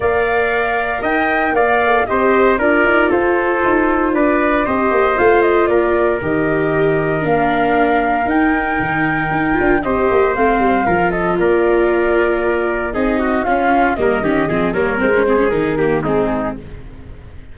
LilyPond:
<<
  \new Staff \with { instrumentName = "flute" } { \time 4/4 \tempo 4 = 116 f''2 g''4 f''4 | dis''4 d''4 c''2 | d''4 dis''4 f''8 dis''8 d''4 | dis''2 f''2 |
g''2. dis''4 | f''4. dis''8 d''2~ | d''4 dis''4 f''4 dis''4~ | dis''8 cis''8 c''4 ais'4 gis'4 | }
  \new Staff \with { instrumentName = "trumpet" } { \time 4/4 d''2 dis''4 d''4 | c''4 ais'4 a'2 | b'4 c''2 ais'4~ | ais'1~ |
ais'2. c''4~ | c''4 ais'8 a'8 ais'2~ | ais'4 gis'8 fis'8 f'4 ais'8 g'8 | gis'8 ais'4 gis'4 g'8 dis'4 | }
  \new Staff \with { instrumentName = "viola" } { \time 4/4 ais'2.~ ais'8 a'8 | g'4 f'2.~ | f'4 g'4 f'2 | g'2 d'2 |
dis'2~ dis'8 f'8 g'4 | c'4 f'2.~ | f'4 dis'4 cis'4 ais8 cis'8 | c'8 ais8 c'16 cis'16 c'16 cis'16 dis'8 ais8 c'4 | }
  \new Staff \with { instrumentName = "tuba" } { \time 4/4 ais2 dis'4 ais4 | c'4 d'8 dis'8 f'4 dis'4 | d'4 c'8 ais8 a4 ais4 | dis2 ais2 |
dis'4 dis4 dis'8 d'8 c'8 ais8 | a8 g8 f4 ais2~ | ais4 c'4 cis'4 g8 dis8 | f8 g8 gis4 dis4 gis4 | }
>>